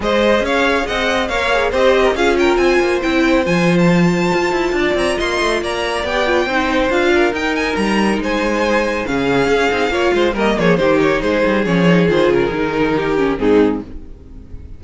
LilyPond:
<<
  \new Staff \with { instrumentName = "violin" } { \time 4/4 \tempo 4 = 139 dis''4 f''4 fis''4 f''4 | dis''4 f''8 g''8 gis''4 g''4 | gis''8. a''2~ a''8. ais''8 | c'''4 ais''4 g''2 |
f''4 g''8 gis''8 ais''4 gis''4~ | gis''4 f''2. | dis''8 cis''8 c''8 cis''8 c''4 cis''4 | c''8 ais'2~ ais'8 gis'4 | }
  \new Staff \with { instrumentName = "violin" } { \time 4/4 c''4 cis''4 dis''4 cis''4 | c''8. ais'16 gis'8 ais'8 c''2~ | c''2. d''4 | dis''4 d''2 c''4~ |
c''8 ais'2~ ais'8 c''4~ | c''4 gis'2 cis''8 c''8 | ais'8 gis'8 g'4 gis'2~ | gis'2 g'4 dis'4 | }
  \new Staff \with { instrumentName = "viola" } { \time 4/4 gis'2. ais'8 gis'8 | g'4 f'2 e'4 | f'1~ | f'2 g'8 f'8 dis'4 |
f'4 dis'2.~ | dis'4 cis'4. dis'8 f'4 | ais4 dis'2 cis'8 dis'8 | f'4 dis'4. cis'8 c'4 | }
  \new Staff \with { instrumentName = "cello" } { \time 4/4 gis4 cis'4 c'4 ais4 | c'4 cis'4 c'8 ais8 c'4 | f2 f'8 e'8 d'8 c'8 | ais8 a8 ais4 b4 c'4 |
d'4 dis'4 g4 gis4~ | gis4 cis4 cis'8 c'8 ais8 gis8 | g8 f8 dis4 gis8 g8 f4 | dis8 cis8 dis2 gis,4 | }
>>